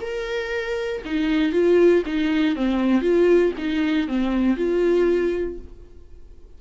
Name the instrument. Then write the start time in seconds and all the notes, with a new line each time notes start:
viola
0.00 A#4
1.04 D#4
1.52 F4
2.05 D#4
2.56 C4
3.01 F4
3.57 D#4
4.07 C4
4.56 F4